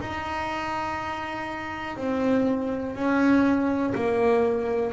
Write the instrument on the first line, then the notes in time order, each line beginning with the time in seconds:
double bass
0.00 D#4
1.97 C4
2.96 C#4
3.95 A#3